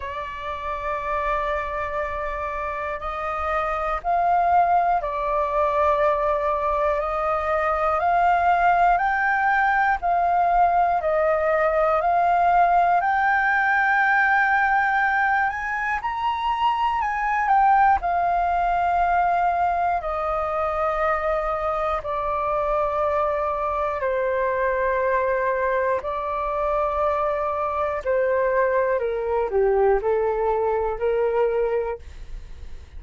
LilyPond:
\new Staff \with { instrumentName = "flute" } { \time 4/4 \tempo 4 = 60 d''2. dis''4 | f''4 d''2 dis''4 | f''4 g''4 f''4 dis''4 | f''4 g''2~ g''8 gis''8 |
ais''4 gis''8 g''8 f''2 | dis''2 d''2 | c''2 d''2 | c''4 ais'8 g'8 a'4 ais'4 | }